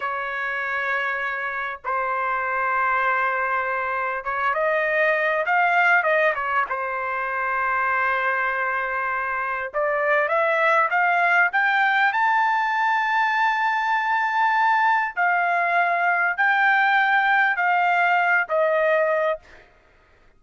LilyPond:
\new Staff \with { instrumentName = "trumpet" } { \time 4/4 \tempo 4 = 99 cis''2. c''4~ | c''2. cis''8 dis''8~ | dis''4 f''4 dis''8 cis''8 c''4~ | c''1 |
d''4 e''4 f''4 g''4 | a''1~ | a''4 f''2 g''4~ | g''4 f''4. dis''4. | }